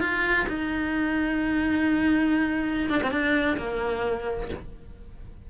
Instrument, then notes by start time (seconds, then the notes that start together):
cello
0.00 F4
0.48 D#4
2.90 D4
3.03 C4
3.11 D4
3.57 A#3